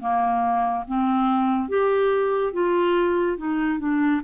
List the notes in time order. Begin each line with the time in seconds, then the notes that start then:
0.00 A#3
0.88 C4
1.69 G4
2.54 F4
3.38 D#4
3.80 D4